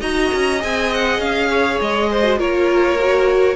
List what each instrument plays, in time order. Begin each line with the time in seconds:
0.00 cello D#4, viola F#4, violin D#5 A#5
0.34 cello C#4
0.60 cello C4, viola G#4, violin G#5
0.93 violin F#5
1.20 cello C#4, violin F5
1.50 violin C#5
1.81 cello G#3, violin D#5
2.11 violin C5
2.23 viola F#4
2.38 cello A#3, viola F4, violin A#4 C#5
3.00 viola F#4